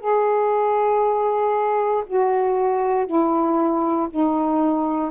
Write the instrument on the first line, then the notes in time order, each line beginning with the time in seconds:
saxophone
0.00 G#4
2.07 F#4
3.06 E4
4.10 D#4